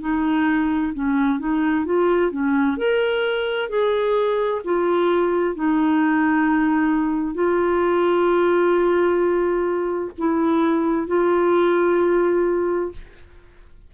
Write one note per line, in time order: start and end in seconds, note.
0.00 0.92 D#4
0.94 1.39 C#4
1.39 1.85 D#4
1.85 2.31 F4
2.31 2.77 C#4
2.77 3.69 A#4
3.69 4.61 G#4
4.64 5.55 F4
5.55 7.34 D#4
7.34 10.11 F4
10.17 11.07 E4
11.07 12.91 F4